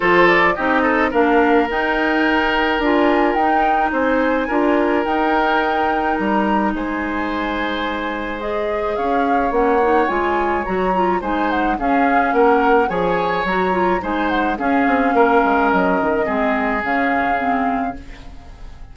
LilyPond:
<<
  \new Staff \with { instrumentName = "flute" } { \time 4/4 \tempo 4 = 107 c''8 d''8 dis''4 f''4 g''4~ | g''4 gis''4 g''4 gis''4~ | gis''4 g''2 ais''4 | gis''2. dis''4 |
f''4 fis''4 gis''4 ais''4 | gis''8 fis''8 f''4 fis''4 gis''4 | ais''4 gis''8 fis''8 f''2 | dis''2 f''2 | }
  \new Staff \with { instrumentName = "oboe" } { \time 4/4 a'4 g'8 a'8 ais'2~ | ais'2. c''4 | ais'1 | c''1 |
cis''1 | c''4 gis'4 ais'4 cis''4~ | cis''4 c''4 gis'4 ais'4~ | ais'4 gis'2. | }
  \new Staff \with { instrumentName = "clarinet" } { \time 4/4 f'4 dis'4 d'4 dis'4~ | dis'4 f'4 dis'2 | f'4 dis'2.~ | dis'2. gis'4~ |
gis'4 cis'8 dis'8 f'4 fis'8 f'8 | dis'4 cis'2 gis'4 | fis'8 f'8 dis'4 cis'2~ | cis'4 c'4 cis'4 c'4 | }
  \new Staff \with { instrumentName = "bassoon" } { \time 4/4 f4 c'4 ais4 dis'4~ | dis'4 d'4 dis'4 c'4 | d'4 dis'2 g4 | gis1 |
cis'4 ais4 gis4 fis4 | gis4 cis'4 ais4 f4 | fis4 gis4 cis'8 c'8 ais8 gis8 | fis8 dis8 gis4 cis2 | }
>>